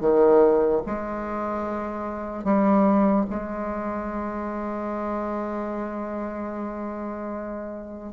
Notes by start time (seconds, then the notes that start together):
0.00 D#3
0.86 G#3
2.44 G3
3.30 G#3